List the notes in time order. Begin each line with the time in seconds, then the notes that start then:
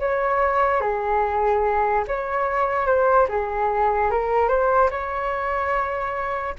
0.00 C#5
0.81 G#4
2.08 C#5
2.87 C5
3.29 G#4
4.11 A#4
4.49 C5
4.91 C#5